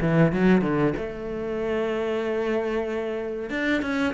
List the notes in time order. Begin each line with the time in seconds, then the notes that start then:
0.00 E3
0.32 F#3
0.61 D3
0.96 A3
3.50 D4
3.81 C#4